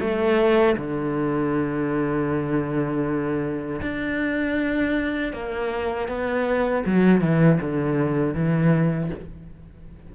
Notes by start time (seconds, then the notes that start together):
0.00 A3
0.77 D3
3.82 D4
5.33 A#3
6.08 B3
6.86 F#3
7.21 E3
7.61 D3
8.34 E3